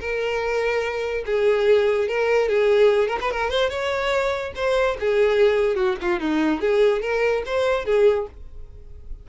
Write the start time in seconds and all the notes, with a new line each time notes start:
0.00 A#4
1.26 G#4
2.08 A#4
2.49 G#4
3.08 A#4
3.21 B4
3.31 A#4
3.50 C5
3.70 C#5
4.56 C5
5.00 G#4
5.76 F#4
6.01 F4
6.20 D#4
6.61 G#4
7.02 A#4
7.46 C5
7.85 G#4